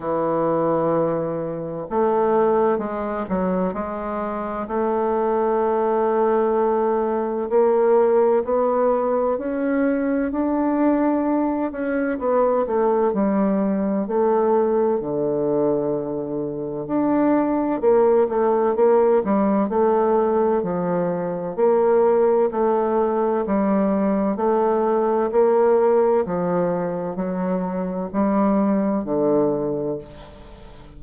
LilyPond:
\new Staff \with { instrumentName = "bassoon" } { \time 4/4 \tempo 4 = 64 e2 a4 gis8 fis8 | gis4 a2. | ais4 b4 cis'4 d'4~ | d'8 cis'8 b8 a8 g4 a4 |
d2 d'4 ais8 a8 | ais8 g8 a4 f4 ais4 | a4 g4 a4 ais4 | f4 fis4 g4 d4 | }